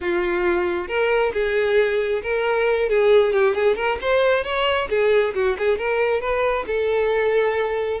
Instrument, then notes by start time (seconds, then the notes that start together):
violin
0.01 F4
0.87 A#4
1.33 G#4
2.22 A#4
2.89 G#4
3.33 G4
3.54 G#4
3.76 A#4
4.01 C5
4.44 C#5
4.89 G#4
5.34 F#4
5.58 G#4
5.78 A#4
6.21 B4
6.66 A4